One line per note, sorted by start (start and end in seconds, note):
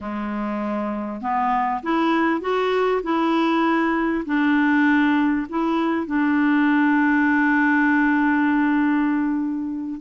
0.00 1.21 G#3
1.21 1.81 B3
1.82 2.40 E4
2.40 3.01 F#4
3.03 4.24 E4
4.25 5.47 D4
5.49 6.06 E4
6.06 10.00 D4